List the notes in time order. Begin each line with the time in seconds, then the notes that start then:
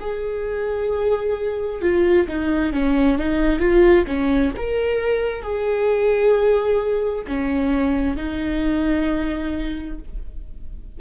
0.00 G#4
1.81 F4
2.28 D#4
2.73 C#4
3.19 D#4
3.60 F4
4.07 C#4
4.57 A#4
5.43 G#4
7.27 C#4
8.17 D#4